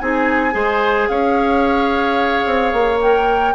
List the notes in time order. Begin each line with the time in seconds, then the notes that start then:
0.00 C4 D#4 G#4 G#5
0.52 G#3 G#4 C5
1.09 C#4 C#5 F5
2.46 C4
2.73 A#3
3.02 A#4 G5